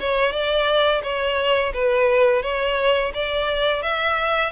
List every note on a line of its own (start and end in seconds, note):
0.00 0.32 C#5
0.32 1.02 D5
1.03 1.73 C#5
1.74 2.42 B4
2.42 3.12 C#5
3.14 3.82 D5
3.82 4.52 E5